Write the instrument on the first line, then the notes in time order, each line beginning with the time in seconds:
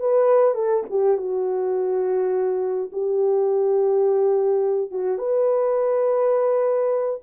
horn
0.00 B4
0.55 A4
0.90 G4
1.17 F#4
2.92 G4
4.91 F#4
5.18 B4